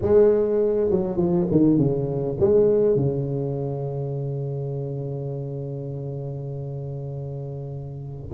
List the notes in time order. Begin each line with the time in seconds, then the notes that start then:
0.01 G#3
0.90 F#3
1.16 F3
1.51 D#3
1.77 C#3
2.40 G#3
2.96 C#3